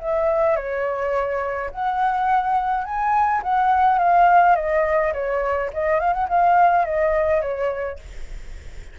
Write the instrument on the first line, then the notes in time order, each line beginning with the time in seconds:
flute
0.00 E5
0.57 C#5
1.71 F#5
2.85 G#5
3.43 F#5
3.99 F5
4.56 D#5
5.14 C#5
5.74 D#5
6.00 F5
6.14 F#5
6.29 F5
6.85 D#5
7.42 C#5